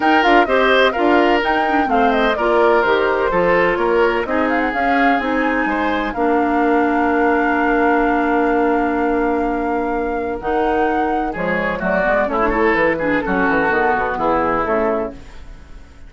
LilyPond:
<<
  \new Staff \with { instrumentName = "flute" } { \time 4/4 \tempo 4 = 127 g''8 f''8 dis''4 f''4 g''4 | f''8 dis''8 d''4 c''2 | cis''4 dis''8 f''16 fis''16 f''4 gis''4~ | gis''4 f''2.~ |
f''1~ | f''2 fis''2 | cis''4 d''4 cis''4 b'4 | a'2 gis'4 a'4 | }
  \new Staff \with { instrumentName = "oboe" } { \time 4/4 ais'4 c''4 ais'2 | c''4 ais'2 a'4 | ais'4 gis'2. | c''4 ais'2.~ |
ais'1~ | ais'1 | gis'4 fis'4 e'8 a'4 gis'8 | fis'2 e'2 | }
  \new Staff \with { instrumentName = "clarinet" } { \time 4/4 dis'8 f'8 g'4 f'4 dis'8 d'8 | c'4 f'4 g'4 f'4~ | f'4 dis'4 cis'4 dis'4~ | dis'4 d'2.~ |
d'1~ | d'2 dis'2 | gis4 a8 b8 cis'16 d'16 e'4 d'8 | cis'4 b2 a4 | }
  \new Staff \with { instrumentName = "bassoon" } { \time 4/4 dis'8 d'8 c'4 d'4 dis'4 | a4 ais4 dis4 f4 | ais4 c'4 cis'4 c'4 | gis4 ais2.~ |
ais1~ | ais2 dis2 | f4 fis8 gis8 a4 e4 | fis8 e8 dis8 b,8 e4 cis4 | }
>>